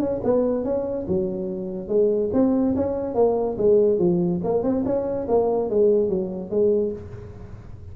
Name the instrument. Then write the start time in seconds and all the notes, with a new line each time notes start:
tuba
0.00 C#4
0.24 B3
0.64 C#4
1.08 F#3
1.89 G#3
2.33 C4
2.76 C#4
3.15 A#3
3.58 G#3
3.99 F3
4.44 A#3
4.64 C4
4.86 C#4
5.28 A#3
5.70 G#3
6.09 F#3
6.51 G#3